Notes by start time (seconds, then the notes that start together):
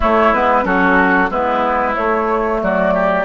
0.00 A3 E4 C#5
0.33 G#3 B3 B4
0.63 F#3 C#4 F#4 A4
1.30 G#3 B3 E4 B4
1.93 A3 C#5
2.62 F#3 F#4 D5
2.94 G4